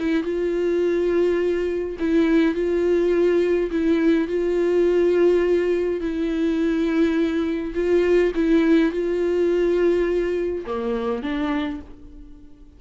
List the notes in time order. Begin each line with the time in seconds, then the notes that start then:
0.00 E4
0.24 F4
2.00 E4
2.55 F4
3.72 E4
4.28 F4
6.01 E4
7.75 F4
8.35 E4
8.92 F4
10.66 A#3
11.23 D4